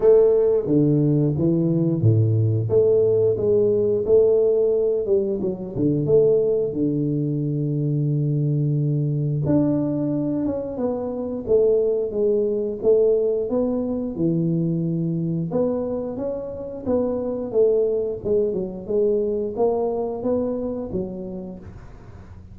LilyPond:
\new Staff \with { instrumentName = "tuba" } { \time 4/4 \tempo 4 = 89 a4 d4 e4 a,4 | a4 gis4 a4. g8 | fis8 d8 a4 d2~ | d2 d'4. cis'8 |
b4 a4 gis4 a4 | b4 e2 b4 | cis'4 b4 a4 gis8 fis8 | gis4 ais4 b4 fis4 | }